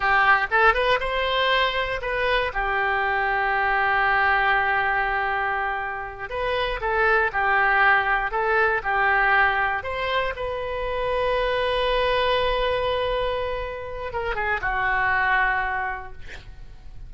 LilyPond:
\new Staff \with { instrumentName = "oboe" } { \time 4/4 \tempo 4 = 119 g'4 a'8 b'8 c''2 | b'4 g'2.~ | g'1~ | g'8 b'4 a'4 g'4.~ |
g'8 a'4 g'2 c''8~ | c''8 b'2.~ b'8~ | b'1 | ais'8 gis'8 fis'2. | }